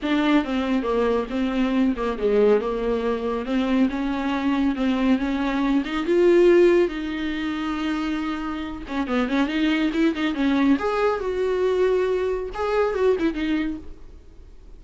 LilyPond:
\new Staff \with { instrumentName = "viola" } { \time 4/4 \tempo 4 = 139 d'4 c'4 ais4 c'4~ | c'8 ais8 gis4 ais2 | c'4 cis'2 c'4 | cis'4. dis'8 f'2 |
dis'1~ | dis'8 cis'8 b8 cis'8 dis'4 e'8 dis'8 | cis'4 gis'4 fis'2~ | fis'4 gis'4 fis'8 e'8 dis'4 | }